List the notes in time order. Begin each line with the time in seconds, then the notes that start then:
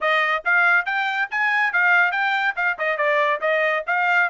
0.00 D#5
0.44 F5
0.85 G5
1.31 G#5
1.73 F5
2.11 G5
2.56 F5
2.78 D#5
2.97 D5
3.41 D#5
3.86 F5